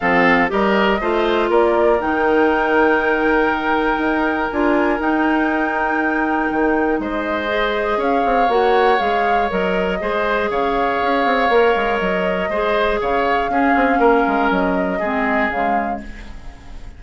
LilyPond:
<<
  \new Staff \with { instrumentName = "flute" } { \time 4/4 \tempo 4 = 120 f''4 dis''2 d''4 | g''1~ | g''4 gis''4 g''2~ | g''2 dis''2 |
f''4 fis''4 f''4 dis''4~ | dis''4 f''2. | dis''2 f''2~ | f''4 dis''2 f''4 | }
  \new Staff \with { instrumentName = "oboe" } { \time 4/4 a'4 ais'4 c''4 ais'4~ | ais'1~ | ais'1~ | ais'2 c''2 |
cis''1 | c''4 cis''2.~ | cis''4 c''4 cis''4 gis'4 | ais'2 gis'2 | }
  \new Staff \with { instrumentName = "clarinet" } { \time 4/4 c'4 g'4 f'2 | dis'1~ | dis'4 f'4 dis'2~ | dis'2. gis'4~ |
gis'4 fis'4 gis'4 ais'4 | gis'2. ais'4~ | ais'4 gis'2 cis'4~ | cis'2 c'4 gis4 | }
  \new Staff \with { instrumentName = "bassoon" } { \time 4/4 f4 g4 a4 ais4 | dis1 | dis'4 d'4 dis'2~ | dis'4 dis4 gis2 |
cis'8 c'8 ais4 gis4 fis4 | gis4 cis4 cis'8 c'8 ais8 gis8 | fis4 gis4 cis4 cis'8 c'8 | ais8 gis8 fis4 gis4 cis4 | }
>>